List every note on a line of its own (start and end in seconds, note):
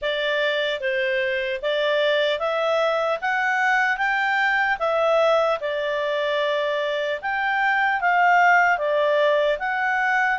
0.01 0.80 D5
0.80 1.60 C5
1.62 2.39 D5
2.39 3.19 E5
3.21 3.97 F#5
3.97 4.77 G5
4.79 5.59 E5
5.60 7.20 D5
7.21 8.00 G5
8.00 8.77 F5
8.77 9.57 D5
9.58 10.38 F#5